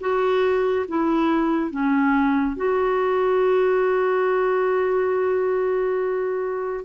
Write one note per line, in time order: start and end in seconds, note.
0.00 0.86 F#4
0.88 1.70 E4
1.70 2.56 C#4
2.56 6.85 F#4